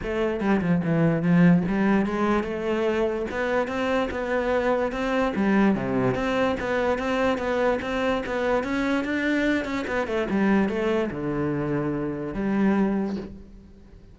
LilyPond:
\new Staff \with { instrumentName = "cello" } { \time 4/4 \tempo 4 = 146 a4 g8 f8 e4 f4 | g4 gis4 a2 | b4 c'4 b2 | c'4 g4 c4 c'4 |
b4 c'4 b4 c'4 | b4 cis'4 d'4. cis'8 | b8 a8 g4 a4 d4~ | d2 g2 | }